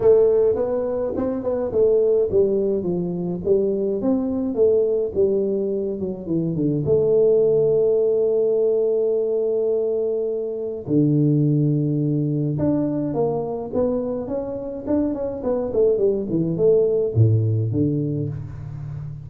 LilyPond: \new Staff \with { instrumentName = "tuba" } { \time 4/4 \tempo 4 = 105 a4 b4 c'8 b8 a4 | g4 f4 g4 c'4 | a4 g4. fis8 e8 d8 | a1~ |
a2. d4~ | d2 d'4 ais4 | b4 cis'4 d'8 cis'8 b8 a8 | g8 e8 a4 a,4 d4 | }